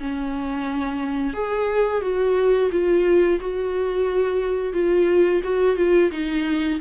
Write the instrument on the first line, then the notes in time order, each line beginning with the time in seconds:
viola
0.00 C#4
1.34 G#4
2.02 F#4
2.72 F4
3.41 F#4
4.74 F4
5.44 F#4
5.77 F4
6.12 D#4